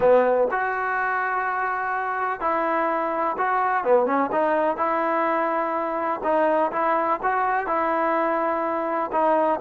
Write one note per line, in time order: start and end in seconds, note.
0.00 0.48 B3
0.51 2.40 F#4
2.40 3.36 E4
3.37 3.84 F#4
3.84 4.06 B3
4.06 4.30 C#4
4.32 4.77 D#4
4.77 6.20 E4
6.23 6.71 D#4
6.72 7.20 E4
7.22 7.67 F#4
7.67 9.11 E4
9.12 9.60 D#4